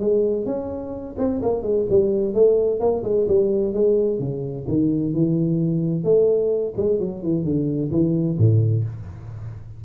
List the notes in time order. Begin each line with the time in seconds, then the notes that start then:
0.00 G#3
0.46 C#4
1.18 C4
1.43 A#3
1.63 G#3
1.90 G3
2.34 A3
2.80 A#3
3.04 G#3
3.28 G3
3.74 G#3
4.20 C#3
4.68 D#3
5.14 E3
6.04 A3
6.77 G#3
7.00 F#3
7.23 E3
7.44 D3
7.91 E3
8.38 A2